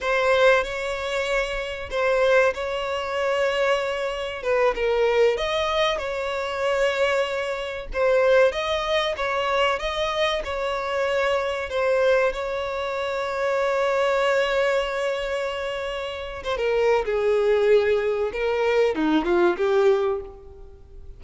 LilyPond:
\new Staff \with { instrumentName = "violin" } { \time 4/4 \tempo 4 = 95 c''4 cis''2 c''4 | cis''2. b'8 ais'8~ | ais'8 dis''4 cis''2~ cis''8~ | cis''8 c''4 dis''4 cis''4 dis''8~ |
dis''8 cis''2 c''4 cis''8~ | cis''1~ | cis''2 c''16 ais'8. gis'4~ | gis'4 ais'4 dis'8 f'8 g'4 | }